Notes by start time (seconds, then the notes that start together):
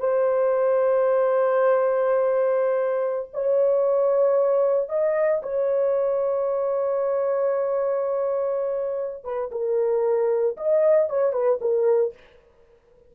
0.00 C5
3.33 C#5
4.89 D#5
5.43 C#5
9.24 B4
9.51 A#4
10.57 D#5
11.10 C#5
11.33 B4
11.61 A#4